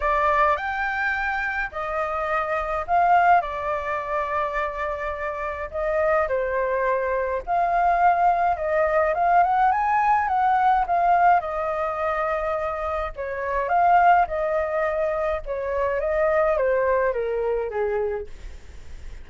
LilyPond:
\new Staff \with { instrumentName = "flute" } { \time 4/4 \tempo 4 = 105 d''4 g''2 dis''4~ | dis''4 f''4 d''2~ | d''2 dis''4 c''4~ | c''4 f''2 dis''4 |
f''8 fis''8 gis''4 fis''4 f''4 | dis''2. cis''4 | f''4 dis''2 cis''4 | dis''4 c''4 ais'4 gis'4 | }